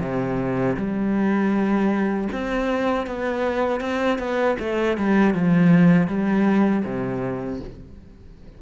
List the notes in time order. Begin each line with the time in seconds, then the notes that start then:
0.00 C3
0.76 G3
2.32 C4
3.07 B3
3.80 C4
4.18 B3
4.59 A3
4.97 G3
5.34 F3
6.07 G3
6.84 C3